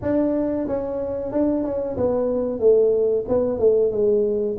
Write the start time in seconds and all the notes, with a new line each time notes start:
0.02 D4
0.67 C#4
1.32 D4
1.64 C#4
1.97 B3
2.59 A3
3.28 B3
3.59 A3
3.91 G#3